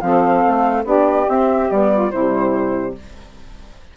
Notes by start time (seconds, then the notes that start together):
0.00 F3 C4 A4 F5
0.47 A3
0.84 B3 D4 G4 D5
1.28 C4 E5
1.70 G3 B3 D5
1.92 F4
2.10 C3 G3 E4 C5